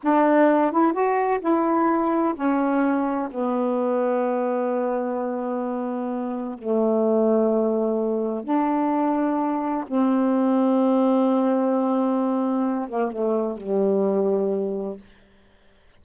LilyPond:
\new Staff \with { instrumentName = "saxophone" } { \time 4/4 \tempo 4 = 128 d'4. e'8 fis'4 e'4~ | e'4 cis'2 b4~ | b1~ | b2 a2~ |
a2 d'2~ | d'4 c'2.~ | c'2.~ c'8 ais8 | a4 g2. | }